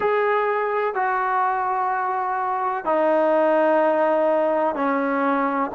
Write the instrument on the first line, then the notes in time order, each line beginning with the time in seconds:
trombone
0.00 G#4
0.94 F#4
2.84 D#4
4.75 C#4